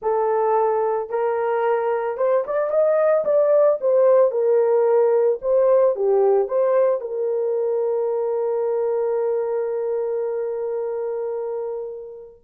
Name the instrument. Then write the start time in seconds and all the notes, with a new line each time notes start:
horn
0.02 A4
1.09 A#4
2.17 C5
2.46 D5
2.70 D#5
3.24 D5
3.81 C5
4.31 A#4
5.41 C5
5.95 G4
6.48 C5
7.00 A#4